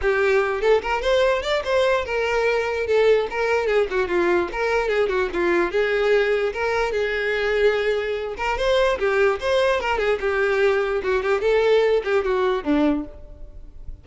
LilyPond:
\new Staff \with { instrumentName = "violin" } { \time 4/4 \tempo 4 = 147 g'4. a'8 ais'8 c''4 d''8 | c''4 ais'2 a'4 | ais'4 gis'8 fis'8 f'4 ais'4 | gis'8 fis'8 f'4 gis'2 |
ais'4 gis'2.~ | gis'8 ais'8 c''4 g'4 c''4 | ais'8 gis'8 g'2 fis'8 g'8 | a'4. g'8 fis'4 d'4 | }